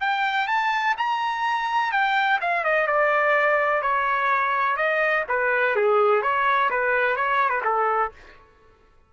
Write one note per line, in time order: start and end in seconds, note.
0.00 0.47 G5
0.47 0.95 A5
0.97 1.91 A#5
1.91 2.39 G5
2.41 2.64 F5
2.64 2.87 D#5
2.87 3.81 D5
3.81 4.76 C#5
4.76 5.24 D#5
5.28 5.76 B4
5.76 6.22 G#4
6.22 6.69 C#5
6.70 7.16 B4
7.16 7.49 C#5
7.49 7.61 B4
7.64 8.11 A4